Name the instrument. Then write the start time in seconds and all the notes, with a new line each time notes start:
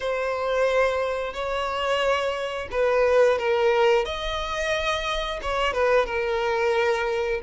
violin
0.00 C5
1.33 C#5
2.71 B4
3.38 A#4
4.04 D#5
5.41 C#5
5.73 B4
6.06 A#4